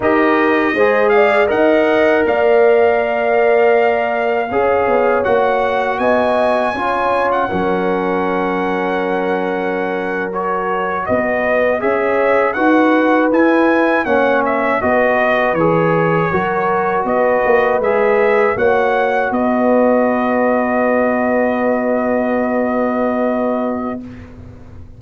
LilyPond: <<
  \new Staff \with { instrumentName = "trumpet" } { \time 4/4 \tempo 4 = 80 dis''4. f''8 fis''4 f''4~ | f''2. fis''4 | gis''4.~ gis''16 fis''2~ fis''16~ | fis''4.~ fis''16 cis''4 dis''4 e''16~ |
e''8. fis''4 gis''4 fis''8 e''8 dis''16~ | dis''8. cis''2 dis''4 e''16~ | e''8. fis''4 dis''2~ dis''16~ | dis''1 | }
  \new Staff \with { instrumentName = "horn" } { \time 4/4 ais'4 c''8 d''8 dis''4 d''4~ | d''2 cis''2 | dis''4 cis''4 ais'2~ | ais'2~ ais'8. b'4 cis''16~ |
cis''8. b'2 cis''4 b'16~ | b'4.~ b'16 ais'4 b'4~ b'16~ | b'8. cis''4 b'2~ b'16~ | b'1 | }
  \new Staff \with { instrumentName = "trombone" } { \time 4/4 g'4 gis'4 ais'2~ | ais'2 gis'4 fis'4~ | fis'4 f'4 cis'2~ | cis'4.~ cis'16 fis'2 gis'16~ |
gis'8. fis'4 e'4 cis'4 fis'16~ | fis'8. gis'4 fis'2 gis'16~ | gis'8. fis'2.~ fis'16~ | fis'1 | }
  \new Staff \with { instrumentName = "tuba" } { \time 4/4 dis'4 gis4 dis'4 ais4~ | ais2 cis'8 b8 ais4 | b4 cis'4 fis2~ | fis2~ fis8. b4 cis'16~ |
cis'8. dis'4 e'4 ais4 b16~ | b8. e4 fis4 b8 ais8 gis16~ | gis8. ais4 b2~ b16~ | b1 | }
>>